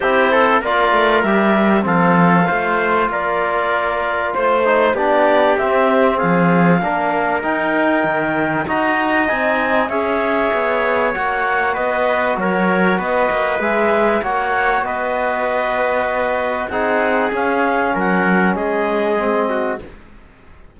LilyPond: <<
  \new Staff \with { instrumentName = "clarinet" } { \time 4/4 \tempo 4 = 97 c''4 d''4 e''4 f''4~ | f''4 d''2 c''4 | d''4 e''4 f''2 | g''2 ais''4 gis''4 |
e''2 fis''4 dis''4 | cis''4 dis''4 e''4 fis''4 | dis''2. fis''4 | f''4 fis''4 dis''2 | }
  \new Staff \with { instrumentName = "trumpet" } { \time 4/4 g'8 a'8 ais'2 a'4 | c''4 ais'2 c''4 | g'2 gis'4 ais'4~ | ais'2 dis''2 |
cis''2. b'4 | ais'4 b'2 cis''4 | b'2. gis'4~ | gis'4 ais'4 gis'4. fis'8 | }
  \new Staff \with { instrumentName = "trombone" } { \time 4/4 e'4 f'4 g'4 c'4 | f'2.~ f'8 dis'8 | d'4 c'2 d'4 | dis'2 fis'4 dis'4 |
gis'2 fis'2~ | fis'2 gis'4 fis'4~ | fis'2. dis'4 | cis'2. c'4 | }
  \new Staff \with { instrumentName = "cello" } { \time 4/4 c'4 ais8 a8 g4 f4 | a4 ais2 a4 | b4 c'4 f4 ais4 | dis'4 dis4 dis'4 c'4 |
cis'4 b4 ais4 b4 | fis4 b8 ais8 gis4 ais4 | b2. c'4 | cis'4 fis4 gis2 | }
>>